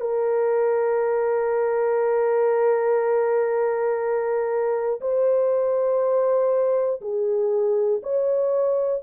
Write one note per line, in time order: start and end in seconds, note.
0.00 5.00 A#4
5.01 7.01 C5
7.01 8.01 G#4
8.03 9.03 C#5